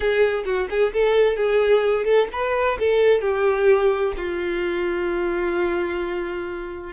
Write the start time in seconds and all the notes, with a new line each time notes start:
0.00 G#4
0.45 F#4
0.69 G#4
0.93 A4
1.36 G#4
2.04 A4
2.32 B4
2.79 A4
3.21 G4
4.16 F4